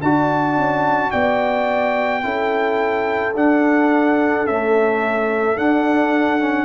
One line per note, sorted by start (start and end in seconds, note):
0.00 1.11 D4
0.00 0.58 D4
0.00 2.23 F#4
0.00 1.11 A5
0.58 1.13 C#4
1.11 2.24 B3
1.11 2.23 D5
1.11 3.34 G5
2.23 3.35 C#4
2.23 3.34 E4
2.23 6.65 A4
3.35 4.46 D4
3.35 4.47 D4
3.35 4.47 F#5
4.46 5.57 A3
4.46 5.57 C#4
4.46 5.58 E5
5.57 6.40 D4
5.57 6.65 D4
5.57 6.65 F#5
6.40 6.65 C#4